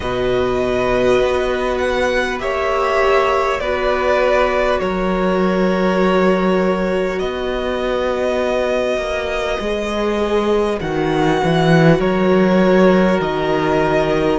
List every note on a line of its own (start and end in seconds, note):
0.00 1.20 B2
0.00 2.39 F#4
0.00 2.42 B4
0.00 1.78 D#5
1.21 2.40 B3
1.78 2.38 F#5
2.39 3.60 A#3
2.39 3.59 G4
2.39 3.60 C#5
2.39 3.59 E5
3.59 4.80 B3
3.59 9.61 F#4
3.59 4.80 B4
3.59 4.79 D5
4.79 7.20 F#3
4.79 7.22 A#4
4.79 7.19 C#5
7.19 8.97 B3
7.19 12.00 B4
7.19 10.79 D#5
8.97 9.57 A#3
9.60 10.80 G#3
9.60 10.79 G#4
10.79 11.41 D#3
10.79 14.38 F#4
10.79 12.00 F#5
11.44 11.98 E3
11.98 13.18 F#3
11.98 14.38 A#4
11.98 13.20 C#5
13.20 14.38 D#3
13.20 14.38 D#5